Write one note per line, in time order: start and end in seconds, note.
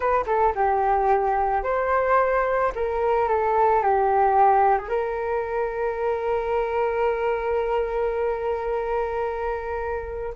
0.00 0.25 B4
0.26 0.53 A4
0.55 1.63 G4
1.63 2.72 C5
2.75 3.28 A#4
3.28 3.82 A4
3.82 4.78 G4
4.78 4.88 G#4
4.88 10.34 A#4